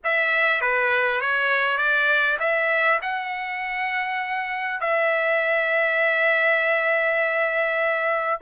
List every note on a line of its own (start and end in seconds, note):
0.04 0.61 E5
0.61 1.21 B4
1.21 1.77 C#5
1.77 2.37 D5
2.39 2.99 E5
3.02 4.80 F#5
4.80 8.40 E5